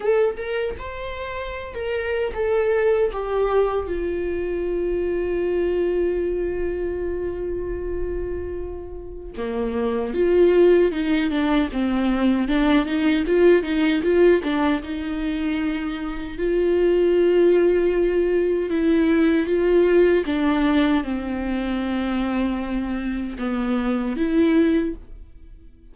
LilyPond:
\new Staff \with { instrumentName = "viola" } { \time 4/4 \tempo 4 = 77 a'8 ais'8 c''4~ c''16 ais'8. a'4 | g'4 f'2.~ | f'1 | ais4 f'4 dis'8 d'8 c'4 |
d'8 dis'8 f'8 dis'8 f'8 d'8 dis'4~ | dis'4 f'2. | e'4 f'4 d'4 c'4~ | c'2 b4 e'4 | }